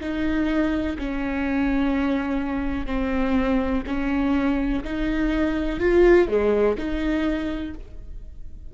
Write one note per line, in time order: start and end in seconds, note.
0.00 0.97 D#4
0.98 2.86 C#4
2.86 3.83 C4
3.87 4.83 C#4
4.83 5.79 D#4
5.79 6.28 F4
6.28 6.77 G#3
6.77 7.74 D#4